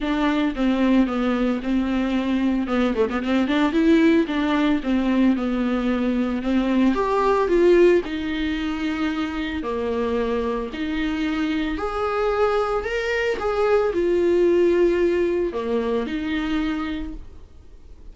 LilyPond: \new Staff \with { instrumentName = "viola" } { \time 4/4 \tempo 4 = 112 d'4 c'4 b4 c'4~ | c'4 b8 a16 b16 c'8 d'8 e'4 | d'4 c'4 b2 | c'4 g'4 f'4 dis'4~ |
dis'2 ais2 | dis'2 gis'2 | ais'4 gis'4 f'2~ | f'4 ais4 dis'2 | }